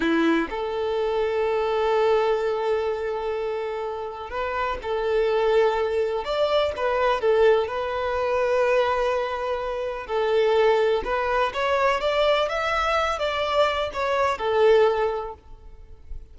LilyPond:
\new Staff \with { instrumentName = "violin" } { \time 4/4 \tempo 4 = 125 e'4 a'2.~ | a'1~ | a'4 b'4 a'2~ | a'4 d''4 b'4 a'4 |
b'1~ | b'4 a'2 b'4 | cis''4 d''4 e''4. d''8~ | d''4 cis''4 a'2 | }